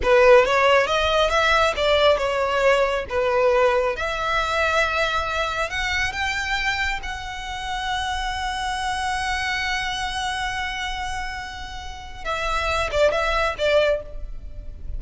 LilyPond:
\new Staff \with { instrumentName = "violin" } { \time 4/4 \tempo 4 = 137 b'4 cis''4 dis''4 e''4 | d''4 cis''2 b'4~ | b'4 e''2.~ | e''4 fis''4 g''2 |
fis''1~ | fis''1~ | fis''1 | e''4. d''8 e''4 d''4 | }